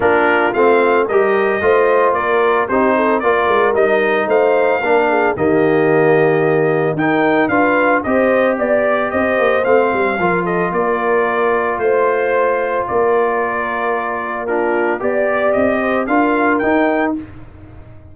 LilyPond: <<
  \new Staff \with { instrumentName = "trumpet" } { \time 4/4 \tempo 4 = 112 ais'4 f''4 dis''2 | d''4 c''4 d''4 dis''4 | f''2 dis''2~ | dis''4 g''4 f''4 dis''4 |
d''4 dis''4 f''4. dis''8 | d''2 c''2 | d''2. ais'4 | d''4 dis''4 f''4 g''4 | }
  \new Staff \with { instrumentName = "horn" } { \time 4/4 f'2 ais'4 c''4 | ais'4 g'8 a'8 ais'2 | c''4 ais'8 gis'8 g'2~ | g'4 ais'4 b'4 c''4 |
d''4 c''2 ais'8 a'8 | ais'2 c''2 | ais'2. f'4 | d''4. c''8 ais'2 | }
  \new Staff \with { instrumentName = "trombone" } { \time 4/4 d'4 c'4 g'4 f'4~ | f'4 dis'4 f'4 dis'4~ | dis'4 d'4 ais2~ | ais4 dis'4 f'4 g'4~ |
g'2 c'4 f'4~ | f'1~ | f'2. d'4 | g'2 f'4 dis'4 | }
  \new Staff \with { instrumentName = "tuba" } { \time 4/4 ais4 a4 g4 a4 | ais4 c'4 ais8 gis8 g4 | a4 ais4 dis2~ | dis4 dis'4 d'4 c'4 |
b4 c'8 ais8 a8 g8 f4 | ais2 a2 | ais1 | b4 c'4 d'4 dis'4 | }
>>